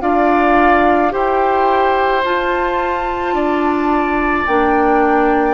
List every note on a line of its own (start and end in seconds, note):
0.00 1.12 D4
0.00 1.10 F4
0.00 1.12 D5
0.00 1.12 F5
1.10 2.24 E4
1.10 2.21 G4
1.10 3.34 C5
1.10 2.23 G5
2.24 3.33 F4
2.24 4.47 F4
2.24 4.46 A5
3.33 4.44 D4
3.33 5.54 D5
4.46 5.54 A#3
4.46 5.54 D4
4.46 5.54 G5